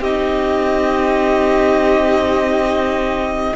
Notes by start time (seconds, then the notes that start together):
0.00 C4 D#4 G4 D#5